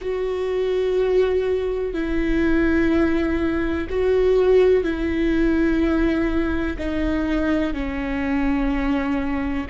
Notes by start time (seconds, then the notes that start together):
0.00 F#4
1.93 E4
3.89 F#4
4.83 E4
6.77 D#4
7.73 C#4